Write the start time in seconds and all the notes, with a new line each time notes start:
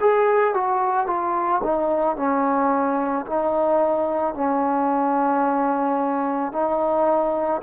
0.00 G#4
0.54 F#4
1.07 F4
1.63 D#4
2.16 C#4
3.26 D#4
4.34 C#4
6.52 D#4